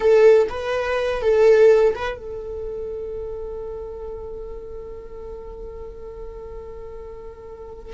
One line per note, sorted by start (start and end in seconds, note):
0.00 0.47 A4
0.49 1.21 B4
1.21 1.94 A4
1.94 2.17 B4
2.17 7.94 A4